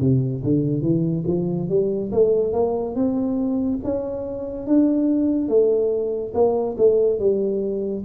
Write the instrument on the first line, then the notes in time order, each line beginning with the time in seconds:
tuba
0.00 C3
0.43 D3
0.82 E3
1.27 F3
1.69 G3
2.12 A3
2.53 A#3
2.95 C4
3.84 C#4
4.67 D4
5.49 A3
6.34 A#3
6.78 A3
7.19 G3